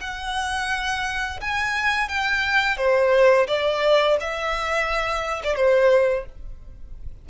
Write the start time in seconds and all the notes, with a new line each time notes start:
0.00 F#5
1.40 G#5
2.08 G5
2.77 C5
3.47 D5
4.20 E5
5.44 D5
5.55 C5